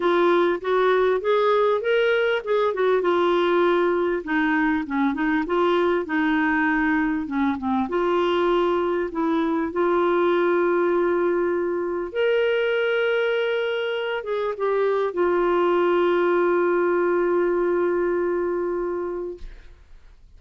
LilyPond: \new Staff \with { instrumentName = "clarinet" } { \time 4/4 \tempo 4 = 99 f'4 fis'4 gis'4 ais'4 | gis'8 fis'8 f'2 dis'4 | cis'8 dis'8 f'4 dis'2 | cis'8 c'8 f'2 e'4 |
f'1 | ais'2.~ ais'8 gis'8 | g'4 f'2.~ | f'1 | }